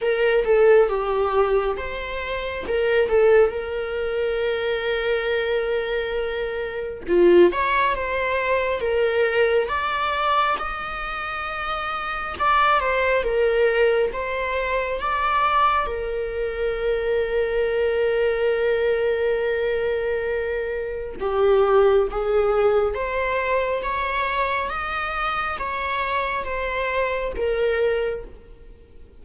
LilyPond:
\new Staff \with { instrumentName = "viola" } { \time 4/4 \tempo 4 = 68 ais'8 a'8 g'4 c''4 ais'8 a'8 | ais'1 | f'8 cis''8 c''4 ais'4 d''4 | dis''2 d''8 c''8 ais'4 |
c''4 d''4 ais'2~ | ais'1 | g'4 gis'4 c''4 cis''4 | dis''4 cis''4 c''4 ais'4 | }